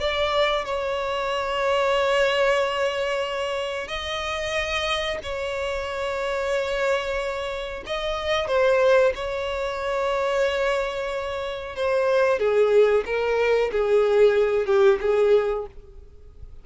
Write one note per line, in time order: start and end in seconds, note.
0.00 0.65 D5
0.66 3.88 C#5
3.88 5.18 D#5
5.23 7.84 C#5
7.87 8.48 D#5
8.48 9.13 C5
9.15 11.76 C#5
11.76 12.39 C5
12.39 13.04 G#4
13.06 13.71 A#4
13.72 14.66 G#4
14.66 14.99 G4
15.01 15.67 G#4